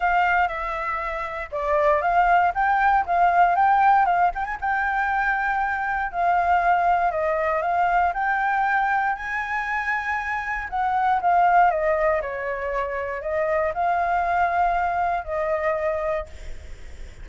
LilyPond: \new Staff \with { instrumentName = "flute" } { \time 4/4 \tempo 4 = 118 f''4 e''2 d''4 | f''4 g''4 f''4 g''4 | f''8 g''16 gis''16 g''2. | f''2 dis''4 f''4 |
g''2 gis''2~ | gis''4 fis''4 f''4 dis''4 | cis''2 dis''4 f''4~ | f''2 dis''2 | }